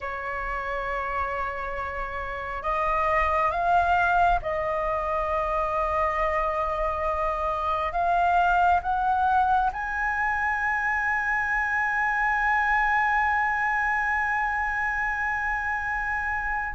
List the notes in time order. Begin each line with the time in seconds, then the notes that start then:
0.00 C#5
2.62 D#5
3.51 F5
4.42 D#5
7.92 F5
8.82 F#5
9.73 G#5